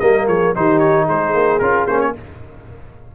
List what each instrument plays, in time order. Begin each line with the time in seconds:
0.00 tuba G3, trombone A#3, horn A#4, trumpet D#5
0.27 tuba F3, horn G#4, trumpet C#5
0.55 tuba D#3, trombone D#4, horn G4, trumpet C5
0.79 trumpet C#5
1.06 tuba G#3, horn G#4, trumpet C5
1.34 tuba A#3
1.59 tuba C#4, trombone F4, trumpet A#4
1.87 tuba A#3, trombone C#4, trumpet C5
2.01 trumpet C#5